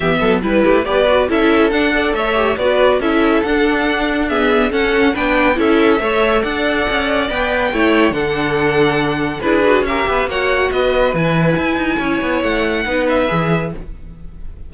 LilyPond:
<<
  \new Staff \with { instrumentName = "violin" } { \time 4/4 \tempo 4 = 140 e''4 b'4 d''4 e''4 | fis''4 e''4 d''4 e''4 | fis''2 e''4 fis''4 | g''4 e''2 fis''4~ |
fis''4 g''2 fis''4~ | fis''2 b'4 e''4 | fis''4 dis''4 gis''2~ | gis''4 fis''4. e''4. | }
  \new Staff \with { instrumentName = "violin" } { \time 4/4 g'8 a'8 b'8 g'8 b'4 a'4~ | a'8 d''8 cis''4 b'4 a'4~ | a'2 gis'4 a'4 | b'4 a'4 cis''4 d''4~ |
d''2 cis''4 a'4~ | a'2 gis'4 ais'8 b'8 | cis''4 b'2. | cis''2 b'2 | }
  \new Staff \with { instrumentName = "viola" } { \time 4/4 b4 e'4 g'8 fis'8 e'4 | d'8 a'4 g'8 fis'4 e'4 | d'2 b4 cis'4 | d'4 e'4 a'2~ |
a'4 b'4 e'4 d'4~ | d'2 e'8 fis'8 g'4 | fis'2 e'2~ | e'2 dis'4 gis'4 | }
  \new Staff \with { instrumentName = "cello" } { \time 4/4 e8 fis8 g8 a8 b4 cis'4 | d'4 a4 b4 cis'4 | d'2. cis'4 | b4 cis'4 a4 d'4 |
cis'4 b4 a4 d4~ | d2 d'4 cis'8 b8 | ais4 b4 e4 e'8 dis'8 | cis'8 b8 a4 b4 e4 | }
>>